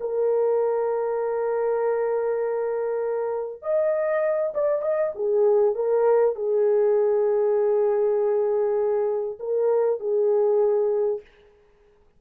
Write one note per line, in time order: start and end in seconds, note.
0.00 3.62 A#4
3.62 4.53 D#5
4.54 4.82 D5
4.82 5.12 D#5
5.15 5.75 G#4
5.75 6.35 A#4
6.36 9.39 G#4
9.39 10.00 A#4
10.00 11.21 G#4